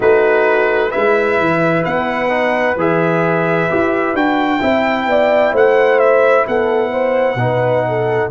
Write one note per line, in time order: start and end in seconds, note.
0.00 0.92 A3
0.00 0.91 D#4
0.00 0.90 F#4
0.00 0.91 B4
0.90 1.39 G#3
0.90 2.29 E4
0.90 4.59 B4
0.90 1.83 E5
1.39 1.85 E3
1.84 2.76 B3
1.84 2.76 F#5
2.29 2.75 D#4
2.76 3.68 E3
2.76 3.69 G#4
2.76 4.16 E5
3.69 4.13 E4
3.69 4.15 G4
4.13 4.60 D4
4.13 4.60 F#4
4.13 5.54 G5
4.59 5.06 C4
4.59 7.37 E4
4.59 5.06 E5
5.06 5.52 B3
5.06 5.52 D5
5.52 6.45 A3
5.52 6.45 C5
5.52 5.99 F#5
5.99 6.45 E5
6.47 7.35 B3
6.47 6.90 A4
6.47 8.31 F#5
6.90 7.37 C5
7.35 8.27 B2
7.35 8.31 D#4
7.35 7.87 B4
7.87 8.31 A4